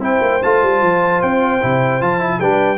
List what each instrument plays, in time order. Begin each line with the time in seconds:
0.00 tuba C4, trombone E4, horn C5, trumpet G5
0.22 tuba A#3
0.43 tuba A3, trombone F4, trumpet A5
0.63 tuba G3
0.83 tuba F3
1.22 tuba C4, trumpet G5
1.62 tuba C3, trombone E4
2.01 tuba F3, trombone F4, trumpet A5
2.20 trombone E4
2.40 tuba G3, trombone D4, horn B4, trumpet G5